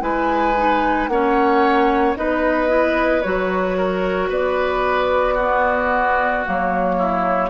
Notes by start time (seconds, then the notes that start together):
0.00 G#3 E4 B4 G#5
0.57 D#4
1.08 A#3 C#4 C#5 F#5
2.15 B3 D#4 B4 D#5
2.68 E4
3.22 F#3 F#4 C#5
3.77 A#4
4.29 B3 B4 D5
5.34 B3 F#4
6.45 F#3 A#3 C#5
6.98 E4